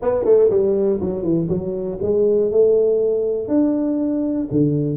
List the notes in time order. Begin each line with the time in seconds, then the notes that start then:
0.02 B3
0.24 A3
0.50 G3
1.00 F#3
1.22 E3
1.48 F#3
2.02 G#3
2.51 A3
3.48 D4
4.51 D3